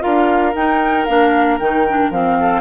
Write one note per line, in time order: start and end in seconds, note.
0.00 0.54 D4
0.00 0.52 F4
0.00 2.38 A#4
0.00 0.54 F5
0.54 1.06 D#4
0.54 1.08 D#4
0.54 1.05 G5
1.05 1.60 A#3
1.05 1.60 D4
1.05 1.57 F5
1.59 2.10 D#3
1.59 1.87 D#4
1.59 2.11 G5
1.88 2.12 D4
2.10 2.61 F3
2.10 2.61 C4
2.10 2.61 F5
2.40 2.61 A4